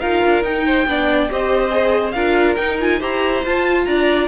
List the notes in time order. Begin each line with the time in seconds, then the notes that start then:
0.00 D#4 F4 A#4 F5
0.24 D4
0.43 D#4 G5
0.66 C5
0.86 B3 D4 D5
1.29 C4 G4 C5 D#5
1.70 G#4
2.12 D4 F4 A#4 F5
2.56 D#4 G5
2.80 F4 G#5
2.99 E4 G4 C5 A#5
3.44 F4 A5
3.85 D4 D5 A#5